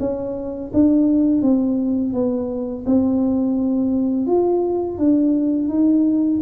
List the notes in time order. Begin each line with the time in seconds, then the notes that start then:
0.00 C#4
0.73 D4
1.42 C4
2.13 B3
2.86 C4
4.27 F4
4.98 D4
5.69 D#4